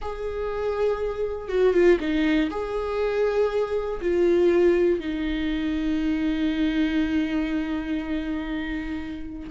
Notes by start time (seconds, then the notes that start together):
0.01 G#4
1.48 F#4
1.73 F4
2.00 D#4
2.50 G#4
4.01 F4
4.99 D#4